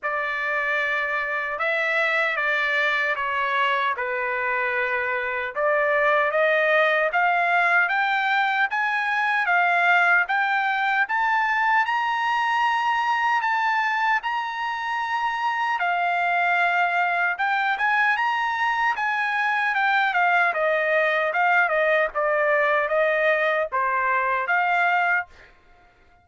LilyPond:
\new Staff \with { instrumentName = "trumpet" } { \time 4/4 \tempo 4 = 76 d''2 e''4 d''4 | cis''4 b'2 d''4 | dis''4 f''4 g''4 gis''4 | f''4 g''4 a''4 ais''4~ |
ais''4 a''4 ais''2 | f''2 g''8 gis''8 ais''4 | gis''4 g''8 f''8 dis''4 f''8 dis''8 | d''4 dis''4 c''4 f''4 | }